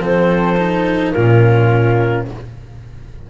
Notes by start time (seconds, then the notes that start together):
0.00 F3 C4 A4 C5
0.58 D#4
1.12 A#2 C#4 F4 A#4